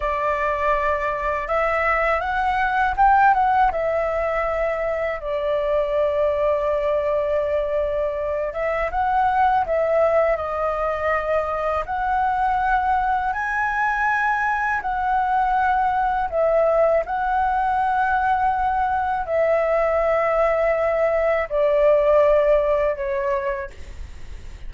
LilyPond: \new Staff \with { instrumentName = "flute" } { \time 4/4 \tempo 4 = 81 d''2 e''4 fis''4 | g''8 fis''8 e''2 d''4~ | d''2.~ d''8 e''8 | fis''4 e''4 dis''2 |
fis''2 gis''2 | fis''2 e''4 fis''4~ | fis''2 e''2~ | e''4 d''2 cis''4 | }